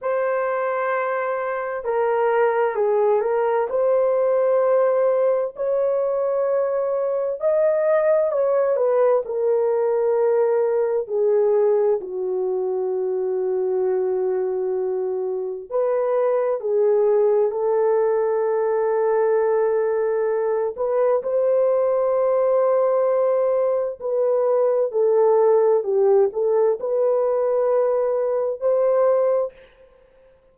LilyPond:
\new Staff \with { instrumentName = "horn" } { \time 4/4 \tempo 4 = 65 c''2 ais'4 gis'8 ais'8 | c''2 cis''2 | dis''4 cis''8 b'8 ais'2 | gis'4 fis'2.~ |
fis'4 b'4 gis'4 a'4~ | a'2~ a'8 b'8 c''4~ | c''2 b'4 a'4 | g'8 a'8 b'2 c''4 | }